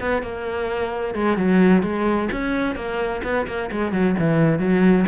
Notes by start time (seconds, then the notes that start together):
0.00 B3
0.22 A#3
1.15 G#3
1.37 F#3
1.83 G#3
2.32 C#4
2.76 A#3
3.24 B3
3.47 A#3
3.71 G#3
3.92 F#3
4.19 E3
4.59 F#3